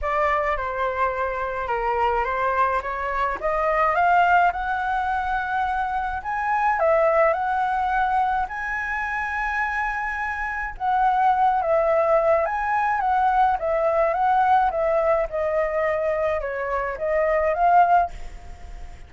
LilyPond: \new Staff \with { instrumentName = "flute" } { \time 4/4 \tempo 4 = 106 d''4 c''2 ais'4 | c''4 cis''4 dis''4 f''4 | fis''2. gis''4 | e''4 fis''2 gis''4~ |
gis''2. fis''4~ | fis''8 e''4. gis''4 fis''4 | e''4 fis''4 e''4 dis''4~ | dis''4 cis''4 dis''4 f''4 | }